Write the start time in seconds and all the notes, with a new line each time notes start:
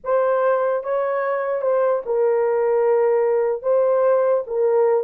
0.04 C5
0.83 C#5
1.61 C5
2.05 A#4
3.62 C5
4.46 A#4